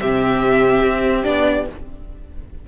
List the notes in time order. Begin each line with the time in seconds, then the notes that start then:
0.00 C3 C4 G4 E5
0.83 C4
1.24 B3 D4 D5